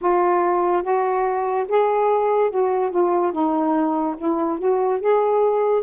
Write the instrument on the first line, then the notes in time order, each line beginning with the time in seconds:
saxophone
0.01 F4
0.83 F#4
1.68 G#4
2.50 F#4
2.91 F4
3.32 D#4
4.17 E4
4.58 F#4
5.00 G#4